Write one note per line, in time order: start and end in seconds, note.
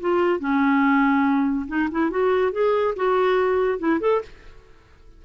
0.00 0.39 F4
0.39 1.66 C#4
1.67 1.89 D#4
1.91 2.10 E4
2.10 2.52 F#4
2.52 2.94 G#4
2.96 3.78 F#4
3.78 3.99 E4
4.00 4.21 A4